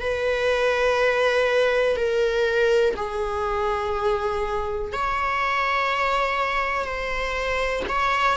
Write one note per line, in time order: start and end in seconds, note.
0.00 1.96 B4
1.96 2.94 A#4
2.96 4.92 G#4
4.92 6.84 C#5
6.84 7.82 C5
7.88 8.36 C#5